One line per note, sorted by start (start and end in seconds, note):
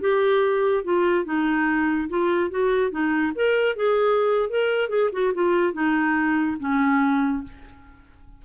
0.00 0.84 G4
0.84 1.25 F4
1.25 2.08 D#4
2.09 2.50 F4
2.50 2.90 F#4
2.90 3.32 D#4
3.35 3.76 A#4
3.76 4.49 G#4
4.49 4.89 A#4
4.89 5.10 G#4
5.12 5.33 F#4
5.33 5.73 F4
5.73 6.57 D#4
6.59 7.43 C#4